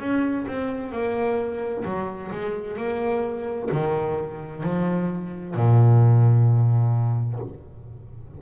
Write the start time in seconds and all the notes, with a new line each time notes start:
0.00 C#4
0.48 C4
0.92 A#3
1.85 F#3
2.32 G#3
2.78 A#3
3.72 D#3
4.63 F3
5.55 A#2